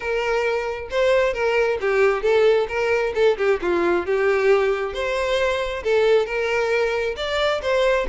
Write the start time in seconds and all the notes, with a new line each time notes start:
0.00 A#4
0.90 C5
1.33 A#4
1.80 G4
2.22 A4
2.68 A#4
3.14 A4
3.37 G4
3.61 F4
4.05 G4
4.93 C5
5.83 A4
6.25 A#4
7.16 D5
7.62 C5